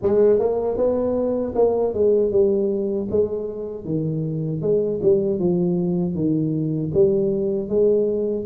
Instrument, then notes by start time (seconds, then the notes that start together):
tuba
0.02 G#3
0.39 A#3
0.77 B3
1.55 A#3
1.93 G#3
2.31 G3
3.10 G#3
3.85 D#3
4.61 G#3
5.02 G3
5.39 F3
6.14 D#3
6.94 G3
7.68 G#3